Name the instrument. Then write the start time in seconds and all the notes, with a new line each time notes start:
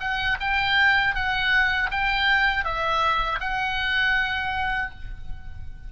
oboe
0.00 F#5
0.40 G5
1.15 F#5
1.91 G5
2.65 E5
3.41 F#5